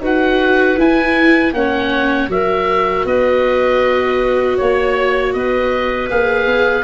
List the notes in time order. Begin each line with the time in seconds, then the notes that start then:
0.00 D#4 F#4 B4 F#5
0.77 E4 G#5
1.53 A#3 C#4 C#5 F#5
2.28 F#3 F#4 A#4 E5
3.05 B3 B4 D#5
4.57 A#3 C#5
5.33 B3 B4 D#5
6.09 A#3 G#4 F5
6.46 B3